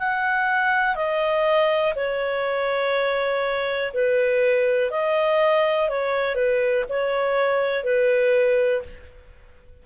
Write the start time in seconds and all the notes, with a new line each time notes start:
0.00 F#5
0.96 D#5
1.96 C#5
3.94 B4
4.91 D#5
5.89 C#5
6.35 B4
6.89 C#5
7.85 B4